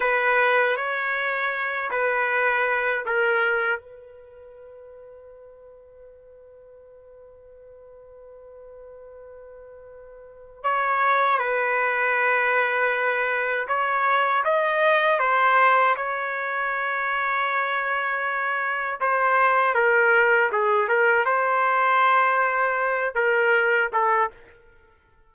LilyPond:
\new Staff \with { instrumentName = "trumpet" } { \time 4/4 \tempo 4 = 79 b'4 cis''4. b'4. | ais'4 b'2.~ | b'1~ | b'2 cis''4 b'4~ |
b'2 cis''4 dis''4 | c''4 cis''2.~ | cis''4 c''4 ais'4 gis'8 ais'8 | c''2~ c''8 ais'4 a'8 | }